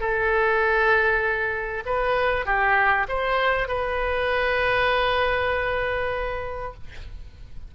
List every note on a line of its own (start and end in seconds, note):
0.00 1.84 A4
1.86 2.45 B4
2.45 3.07 G4
3.09 3.68 C5
3.68 6.74 B4